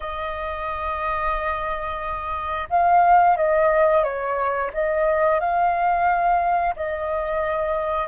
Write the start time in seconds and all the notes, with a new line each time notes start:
0.00 D#5
2.69 F5
3.36 D#5
4.03 C#5
4.73 D#5
5.40 F5
6.76 D#5